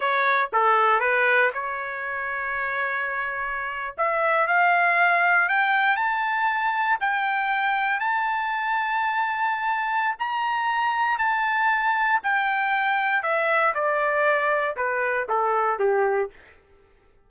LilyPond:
\new Staff \with { instrumentName = "trumpet" } { \time 4/4 \tempo 4 = 118 cis''4 a'4 b'4 cis''4~ | cis''2.~ cis''8. e''16~ | e''8. f''2 g''4 a''16~ | a''4.~ a''16 g''2 a''16~ |
a''1 | ais''2 a''2 | g''2 e''4 d''4~ | d''4 b'4 a'4 g'4 | }